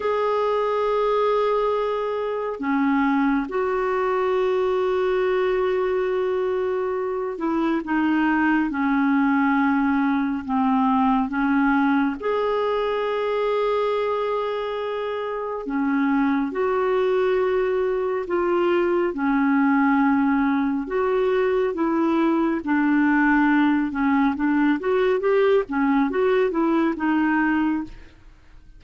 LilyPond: \new Staff \with { instrumentName = "clarinet" } { \time 4/4 \tempo 4 = 69 gis'2. cis'4 | fis'1~ | fis'8 e'8 dis'4 cis'2 | c'4 cis'4 gis'2~ |
gis'2 cis'4 fis'4~ | fis'4 f'4 cis'2 | fis'4 e'4 d'4. cis'8 | d'8 fis'8 g'8 cis'8 fis'8 e'8 dis'4 | }